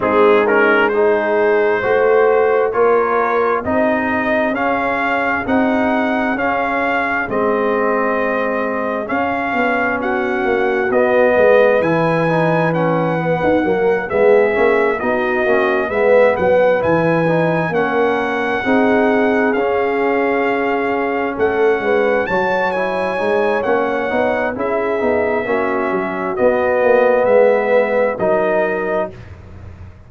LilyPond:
<<
  \new Staff \with { instrumentName = "trumpet" } { \time 4/4 \tempo 4 = 66 gis'8 ais'8 c''2 cis''4 | dis''4 f''4 fis''4 f''4 | dis''2 f''4 fis''4 | dis''4 gis''4 fis''4. e''8~ |
e''8 dis''4 e''8 fis''8 gis''4 fis''8~ | fis''4. f''2 fis''8~ | fis''8 a''8 gis''4 fis''4 e''4~ | e''4 dis''4 e''4 dis''4 | }
  \new Staff \with { instrumentName = "horn" } { \time 4/4 dis'4 gis'4 c''4 ais'4 | gis'1~ | gis'2. fis'4~ | fis'8 b'2~ b'8 ais'8 gis'8~ |
gis'8 fis'4 b'2 ais'8~ | ais'8 gis'2. a'8 | b'8 cis''2~ cis''8 gis'4 | fis'2 b'4 ais'4 | }
  \new Staff \with { instrumentName = "trombone" } { \time 4/4 c'8 cis'8 dis'4 fis'4 f'4 | dis'4 cis'4 dis'4 cis'4 | c'2 cis'2 | b4 e'8 dis'8 cis'8 b8 ais8 b8 |
cis'8 dis'8 cis'8 b4 e'8 dis'8 cis'8~ | cis'8 dis'4 cis'2~ cis'8~ | cis'8 fis'8 e'8 dis'8 cis'8 dis'8 e'8 dis'8 | cis'4 b2 dis'4 | }
  \new Staff \with { instrumentName = "tuba" } { \time 4/4 gis2 a4 ais4 | c'4 cis'4 c'4 cis'4 | gis2 cis'8 b4 ais8 | b8 gis8 e4.~ e16 dis'16 fis8 gis8 |
ais8 b8 ais8 gis8 fis8 e4 ais8~ | ais8 c'4 cis'2 a8 | gis8 fis4 gis8 ais8 b8 cis'8 b8 | ais8 fis8 b8 ais8 gis4 fis4 | }
>>